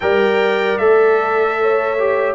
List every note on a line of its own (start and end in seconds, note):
0.00 0.78 G3
0.00 0.79 A#4
0.00 1.59 D5
0.00 0.78 G5
0.78 2.34 A3
0.78 1.98 A4
0.78 2.34 E5
1.61 2.34 C#5
1.98 2.34 G4